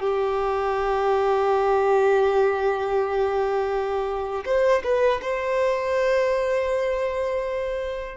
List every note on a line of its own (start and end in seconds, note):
0.00 4.44 G4
4.46 4.83 C5
4.84 5.21 B4
5.22 8.18 C5